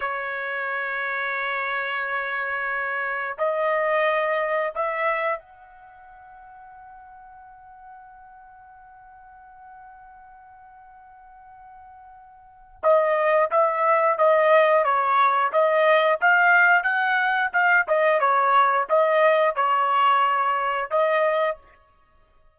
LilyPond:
\new Staff \with { instrumentName = "trumpet" } { \time 4/4 \tempo 4 = 89 cis''1~ | cis''4 dis''2 e''4 | fis''1~ | fis''1~ |
fis''2. dis''4 | e''4 dis''4 cis''4 dis''4 | f''4 fis''4 f''8 dis''8 cis''4 | dis''4 cis''2 dis''4 | }